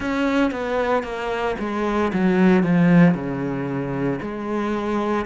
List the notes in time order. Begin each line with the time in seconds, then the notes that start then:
0.00 C#4
0.51 B3
1.02 A#3
1.59 G#3
2.13 F#3
2.63 F3
3.14 C#3
4.21 G#3